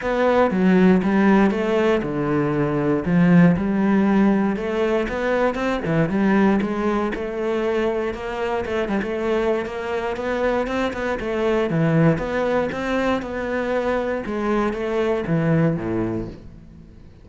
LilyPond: \new Staff \with { instrumentName = "cello" } { \time 4/4 \tempo 4 = 118 b4 fis4 g4 a4 | d2 f4 g4~ | g4 a4 b4 c'8 e8 | g4 gis4 a2 |
ais4 a8 g16 a4~ a16 ais4 | b4 c'8 b8 a4 e4 | b4 c'4 b2 | gis4 a4 e4 a,4 | }